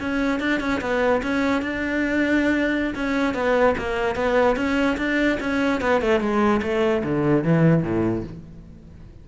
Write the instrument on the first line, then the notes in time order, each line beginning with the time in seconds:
cello
0.00 C#4
0.40 D4
0.60 C#4
0.81 B3
1.22 C#4
1.62 D4
2.95 C#4
3.34 B3
3.78 A#3
4.15 B3
4.56 C#4
4.97 D4
5.40 C#4
5.81 B3
6.01 A3
6.20 G#3
6.62 A3
7.04 D3
7.44 E3
7.83 A2